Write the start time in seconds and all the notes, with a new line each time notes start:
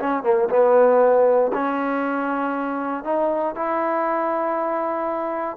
0.00 C#4
0.24 A#3
0.50 B3
1.54 C#4
3.05 D#4
3.56 E4